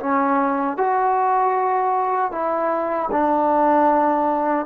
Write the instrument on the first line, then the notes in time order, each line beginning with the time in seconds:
trombone
0.00 C#4
0.78 F#4
2.32 E4
3.12 D4